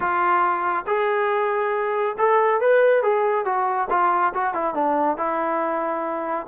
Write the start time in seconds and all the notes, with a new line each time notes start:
0.00 F4
0.86 G#4
2.18 A4
2.60 B4
3.02 G#4
3.45 F#4
3.90 F4
4.34 F#4
4.54 E4
4.74 D4
5.17 E4